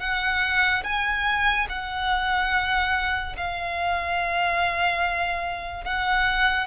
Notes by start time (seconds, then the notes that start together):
0.00 F#5
0.84 G#5
1.69 F#5
3.37 F5
5.84 F#5